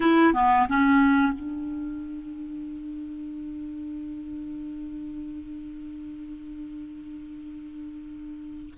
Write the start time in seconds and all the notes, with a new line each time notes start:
0.00 E4
0.33 B3
0.68 C#4
1.32 D4